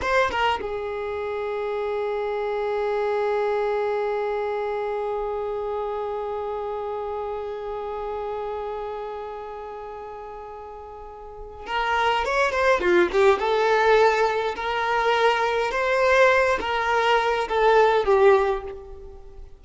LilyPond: \new Staff \with { instrumentName = "violin" } { \time 4/4 \tempo 4 = 103 c''8 ais'8 gis'2.~ | gis'1~ | gis'1~ | gis'1~ |
gis'1 | ais'4 cis''8 c''8 f'8 g'8 a'4~ | a'4 ais'2 c''4~ | c''8 ais'4. a'4 g'4 | }